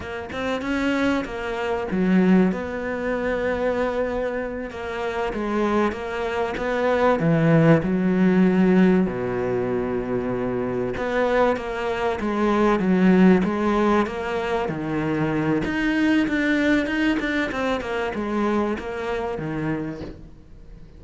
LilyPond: \new Staff \with { instrumentName = "cello" } { \time 4/4 \tempo 4 = 96 ais8 c'8 cis'4 ais4 fis4 | b2.~ b8 ais8~ | ais8 gis4 ais4 b4 e8~ | e8 fis2 b,4.~ |
b,4. b4 ais4 gis8~ | gis8 fis4 gis4 ais4 dis8~ | dis4 dis'4 d'4 dis'8 d'8 | c'8 ais8 gis4 ais4 dis4 | }